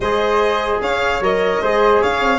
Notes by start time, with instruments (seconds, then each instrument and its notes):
0.00 tuba G#3, trombone G#4, flute C5, violin D#5
0.80 tuba C#4, flute C#5, violin F5
1.20 tuba F#3, trombone A#4, violin D#5
1.61 tuba G#3, trombone G#4, flute C5
2.01 tuba C#4, flute C#5, violin F5
2.21 tuba C4